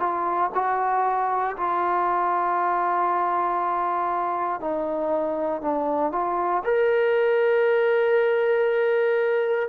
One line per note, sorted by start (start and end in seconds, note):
0.00 0.51 F4
0.55 1.56 F#4
1.57 4.61 F4
4.61 5.62 D#4
5.62 6.12 D4
6.12 6.63 F4
6.65 9.69 A#4